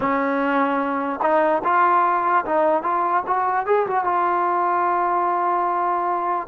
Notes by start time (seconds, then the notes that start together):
0.00 C#4
1.22 D#4
1.64 F4
2.45 D#4
2.82 F4
3.27 F#4
3.66 G#4
3.87 F#4
4.04 F4